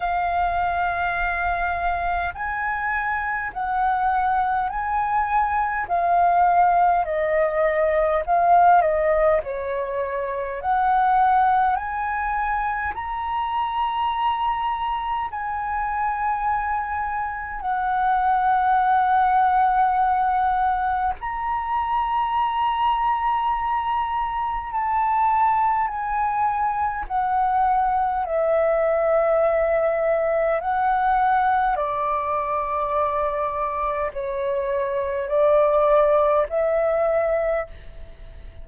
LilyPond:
\new Staff \with { instrumentName = "flute" } { \time 4/4 \tempo 4 = 51 f''2 gis''4 fis''4 | gis''4 f''4 dis''4 f''8 dis''8 | cis''4 fis''4 gis''4 ais''4~ | ais''4 gis''2 fis''4~ |
fis''2 ais''2~ | ais''4 a''4 gis''4 fis''4 | e''2 fis''4 d''4~ | d''4 cis''4 d''4 e''4 | }